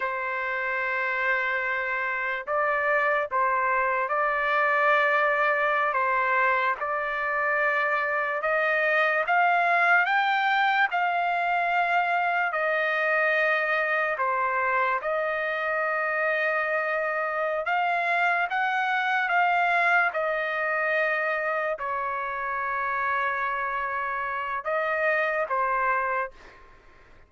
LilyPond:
\new Staff \with { instrumentName = "trumpet" } { \time 4/4 \tempo 4 = 73 c''2. d''4 | c''4 d''2~ d''16 c''8.~ | c''16 d''2 dis''4 f''8.~ | f''16 g''4 f''2 dis''8.~ |
dis''4~ dis''16 c''4 dis''4.~ dis''16~ | dis''4. f''4 fis''4 f''8~ | f''8 dis''2 cis''4.~ | cis''2 dis''4 c''4 | }